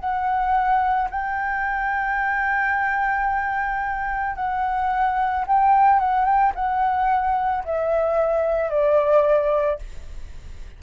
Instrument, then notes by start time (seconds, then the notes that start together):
flute
0.00 F#5
1.11 G5
4.36 F#5
5.47 G5
6.00 F#5
6.26 G5
6.56 F#5
7.65 E5
8.70 D5